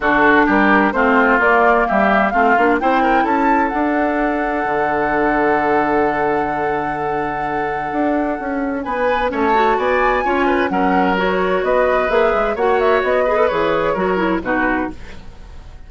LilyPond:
<<
  \new Staff \with { instrumentName = "flute" } { \time 4/4 \tempo 4 = 129 a'4 ais'4 c''4 d''4 | e''4 f''4 g''4 a''4 | fis''1~ | fis''1~ |
fis''2. gis''4 | a''4 gis''2 fis''4 | cis''4 dis''4 e''4 fis''8 e''8 | dis''4 cis''2 b'4 | }
  \new Staff \with { instrumentName = "oboe" } { \time 4/4 fis'4 g'4 f'2 | g'4 f'4 c''8 ais'8 a'4~ | a'1~ | a'1~ |
a'2. b'4 | cis''4 d''4 cis''8 b'8 ais'4~ | ais'4 b'2 cis''4~ | cis''8 b'4. ais'4 fis'4 | }
  \new Staff \with { instrumentName = "clarinet" } { \time 4/4 d'2 c'4 ais4~ | ais4 c'8 d'8 e'2 | d'1~ | d'1~ |
d'1 | cis'8 fis'4. f'4 cis'4 | fis'2 gis'4 fis'4~ | fis'8 gis'16 a'16 gis'4 fis'8 e'8 dis'4 | }
  \new Staff \with { instrumentName = "bassoon" } { \time 4/4 d4 g4 a4 ais4 | g4 a8 ais8 c'4 cis'4 | d'2 d2~ | d1~ |
d4 d'4 cis'4 b4 | a4 b4 cis'4 fis4~ | fis4 b4 ais8 gis8 ais4 | b4 e4 fis4 b,4 | }
>>